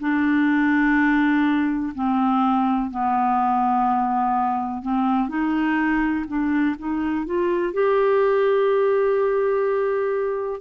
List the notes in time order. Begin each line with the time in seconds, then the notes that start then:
0.00 D4
1.95 C4
2.91 B3
4.83 C4
5.29 D#4
6.28 D4
6.79 D#4
7.26 F4
7.73 G4